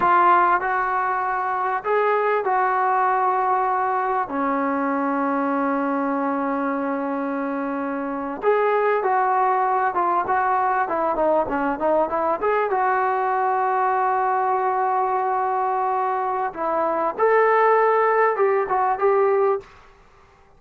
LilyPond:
\new Staff \with { instrumentName = "trombone" } { \time 4/4 \tempo 4 = 98 f'4 fis'2 gis'4 | fis'2. cis'4~ | cis'1~ | cis'4.~ cis'16 gis'4 fis'4~ fis'16~ |
fis'16 f'8 fis'4 e'8 dis'8 cis'8 dis'8 e'16~ | e'16 gis'8 fis'2.~ fis'16~ | fis'2. e'4 | a'2 g'8 fis'8 g'4 | }